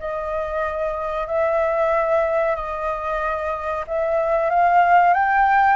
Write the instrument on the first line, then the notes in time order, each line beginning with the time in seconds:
flute
0.00 D#5
1.28 E5
2.56 D#5
3.88 E5
4.50 F5
5.14 G5